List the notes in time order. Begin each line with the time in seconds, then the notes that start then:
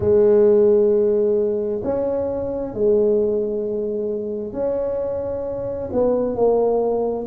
0.00 G#3
1.83 C#4
2.74 G#3
4.52 C#4
5.92 B3
6.35 A#3